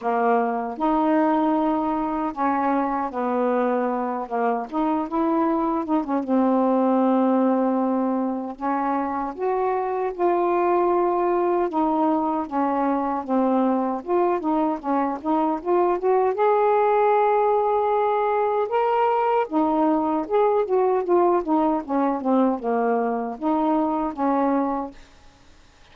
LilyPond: \new Staff \with { instrumentName = "saxophone" } { \time 4/4 \tempo 4 = 77 ais4 dis'2 cis'4 | b4. ais8 dis'8 e'4 dis'16 cis'16 | c'2. cis'4 | fis'4 f'2 dis'4 |
cis'4 c'4 f'8 dis'8 cis'8 dis'8 | f'8 fis'8 gis'2. | ais'4 dis'4 gis'8 fis'8 f'8 dis'8 | cis'8 c'8 ais4 dis'4 cis'4 | }